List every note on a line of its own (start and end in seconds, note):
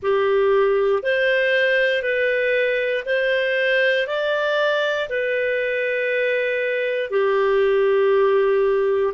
0.02 1.03 G4
1.03 2.02 C5
2.02 3.04 B4
3.05 4.07 C5
4.07 5.08 D5
5.09 7.10 B4
7.10 9.13 G4